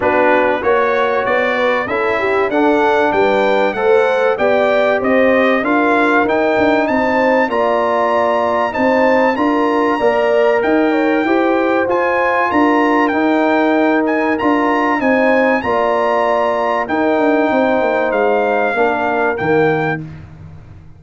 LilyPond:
<<
  \new Staff \with { instrumentName = "trumpet" } { \time 4/4 \tempo 4 = 96 b'4 cis''4 d''4 e''4 | fis''4 g''4 fis''4 g''4 | dis''4 f''4 g''4 a''4 | ais''2 a''4 ais''4~ |
ais''4 g''2 gis''4 | ais''4 g''4. gis''8 ais''4 | gis''4 ais''2 g''4~ | g''4 f''2 g''4 | }
  \new Staff \with { instrumentName = "horn" } { \time 4/4 fis'4 cis''4. b'8 a'8 g'8 | a'4 b'4 c''4 d''4 | c''4 ais'2 c''4 | d''2 c''4 ais'4 |
d''4 dis''8 cis''8 c''2 | ais'1 | c''4 d''2 ais'4 | c''2 ais'2 | }
  \new Staff \with { instrumentName = "trombone" } { \time 4/4 d'4 fis'2 e'4 | d'2 a'4 g'4~ | g'4 f'4 dis'2 | f'2 dis'4 f'4 |
ais'2 g'4 f'4~ | f'4 dis'2 f'4 | dis'4 f'2 dis'4~ | dis'2 d'4 ais4 | }
  \new Staff \with { instrumentName = "tuba" } { \time 4/4 b4 ais4 b4 cis'4 | d'4 g4 a4 b4 | c'4 d'4 dis'8 d'8 c'4 | ais2 c'4 d'4 |
ais4 dis'4 e'4 f'4 | d'4 dis'2 d'4 | c'4 ais2 dis'8 d'8 | c'8 ais8 gis4 ais4 dis4 | }
>>